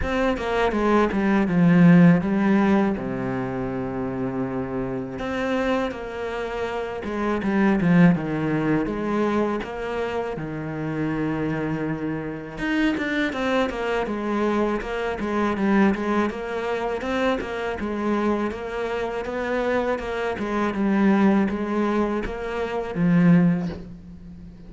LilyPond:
\new Staff \with { instrumentName = "cello" } { \time 4/4 \tempo 4 = 81 c'8 ais8 gis8 g8 f4 g4 | c2. c'4 | ais4. gis8 g8 f8 dis4 | gis4 ais4 dis2~ |
dis4 dis'8 d'8 c'8 ais8 gis4 | ais8 gis8 g8 gis8 ais4 c'8 ais8 | gis4 ais4 b4 ais8 gis8 | g4 gis4 ais4 f4 | }